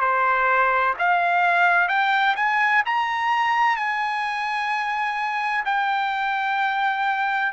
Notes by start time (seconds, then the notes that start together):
0.00 C5
0.98 F5
1.88 G5
2.36 G#5
2.86 A#5
3.76 G#5
5.65 G5